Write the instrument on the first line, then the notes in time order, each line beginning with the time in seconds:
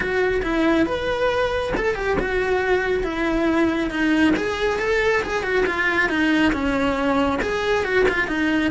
cello
0.00 F#4
0.42 E4
0.86 B4
1.76 A4
1.95 G4
2.19 F#4
3.03 E4
3.90 D#4
4.36 G#4
4.79 A4
5.23 G#4
5.43 F#4
5.66 F4
6.09 D#4
6.52 C#4
7.42 G#4
7.84 F#4
8.08 F4
8.27 D#4